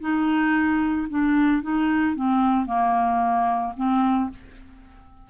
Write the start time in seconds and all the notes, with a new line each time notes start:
0.00 D#4
1.09 D4
1.62 D#4
2.15 C4
2.66 A#3
3.76 C4